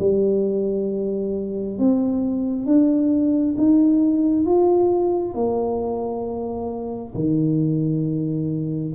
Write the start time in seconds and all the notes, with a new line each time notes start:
0.00 G3
1.79 C4
2.66 D4
3.57 D#4
4.46 F4
5.35 A#3
7.15 D#3